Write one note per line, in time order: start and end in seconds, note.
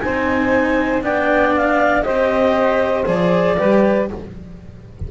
0.00 1.03 C4
0.00 1.02 D#4
0.00 1.04 C5
0.00 1.02 G#5
1.02 2.05 B3
1.02 2.03 D4
1.02 2.04 D5
1.02 1.54 G5
1.56 2.03 F5
2.03 3.07 C4
2.03 3.04 G4
2.03 3.57 C5
2.03 3.04 D#5
3.06 3.57 F3
3.06 3.56 G#4
3.06 4.09 D5
3.57 4.11 G3
3.57 4.08 G4
3.57 4.09 B4